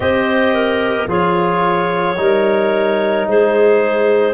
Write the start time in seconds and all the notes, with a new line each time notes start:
0.00 C4 G4 C5 D#5
0.53 A#4
1.07 F3 F4 G#4 C#5
2.16 G3 D#4 A#4
3.27 G#3 G#4 C5